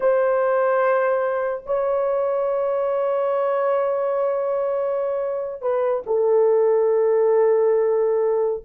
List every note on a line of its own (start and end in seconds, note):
0.00 1.63 C5
1.66 5.61 C#5
5.61 6.02 B4
6.06 8.63 A4